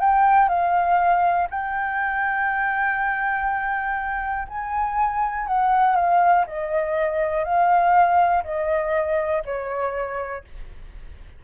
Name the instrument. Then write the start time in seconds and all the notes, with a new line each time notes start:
flute
0.00 G5
0.48 F5
1.50 G5
4.48 G#5
5.47 F#5
5.96 F5
6.47 D#5
7.44 F5
8.44 D#5
9.45 C#5